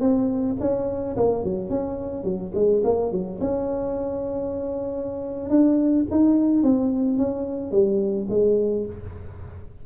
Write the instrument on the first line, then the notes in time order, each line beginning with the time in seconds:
tuba
0.00 C4
0.60 C#4
1.17 A#3
1.44 F#3
1.70 C#4
2.24 F#3
2.54 G#3
2.84 A#3
3.11 F#3
3.41 C#4
5.49 D4
6.10 D#4
6.63 C4
7.18 C#4
7.71 G3
8.30 G#3